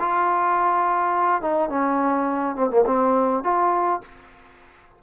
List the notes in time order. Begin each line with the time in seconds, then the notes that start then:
0.00 F4
1.42 D#4
1.70 C#4
2.56 C4
2.70 A#3
2.86 C4
3.44 F4